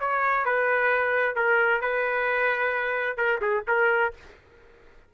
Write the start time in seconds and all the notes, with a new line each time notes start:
0.00 C#5
0.45 B4
1.36 A#4
1.81 B4
3.17 A#4
3.41 G#4
3.68 A#4